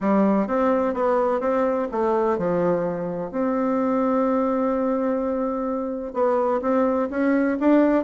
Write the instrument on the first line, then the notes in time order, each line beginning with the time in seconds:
bassoon
0.00 G3
0.47 C4
0.94 B3
1.40 C4
1.91 A3
2.38 F3
3.31 C4
6.13 B3
6.61 C4
7.10 C#4
7.60 D4